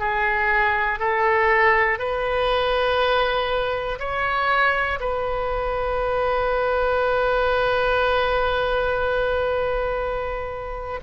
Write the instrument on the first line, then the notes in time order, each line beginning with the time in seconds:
oboe
0.00 G#4
1.00 A4
1.99 B4
4.00 C#5
5.00 B4